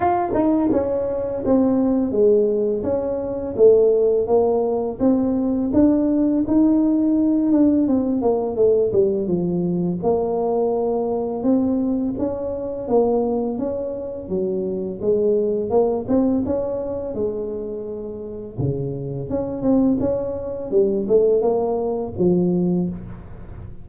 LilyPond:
\new Staff \with { instrumentName = "tuba" } { \time 4/4 \tempo 4 = 84 f'8 dis'8 cis'4 c'4 gis4 | cis'4 a4 ais4 c'4 | d'4 dis'4. d'8 c'8 ais8 | a8 g8 f4 ais2 |
c'4 cis'4 ais4 cis'4 | fis4 gis4 ais8 c'8 cis'4 | gis2 cis4 cis'8 c'8 | cis'4 g8 a8 ais4 f4 | }